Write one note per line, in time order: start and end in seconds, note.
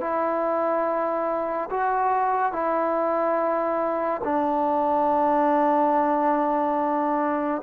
0.00 1.69 E4
1.70 2.52 F#4
2.52 4.21 E4
4.24 7.62 D4